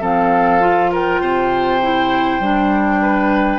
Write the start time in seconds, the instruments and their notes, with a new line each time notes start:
0.00 bassoon F3, clarinet C4, oboe A4, flute F5
0.60 clarinet F4
0.91 oboe A#4, flute G5
1.20 bassoon C3, oboe C5
1.81 clarinet E4
2.39 bassoon G3, clarinet D4
3.01 oboe B4